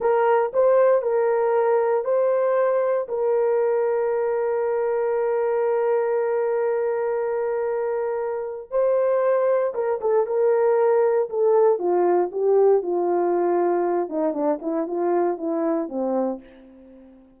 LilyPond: \new Staff \with { instrumentName = "horn" } { \time 4/4 \tempo 4 = 117 ais'4 c''4 ais'2 | c''2 ais'2~ | ais'1~ | ais'1~ |
ais'4 c''2 ais'8 a'8 | ais'2 a'4 f'4 | g'4 f'2~ f'8 dis'8 | d'8 e'8 f'4 e'4 c'4 | }